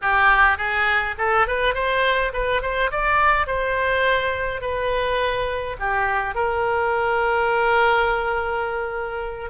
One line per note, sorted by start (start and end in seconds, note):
0.01 0.57 G4
0.57 1.15 G#4
1.18 1.47 A4
1.47 1.74 B4
1.74 2.32 C5
2.33 2.61 B4
2.61 2.90 C5
2.91 3.46 D5
3.46 4.61 C5
4.61 5.76 B4
5.79 6.34 G4
6.34 9.50 A#4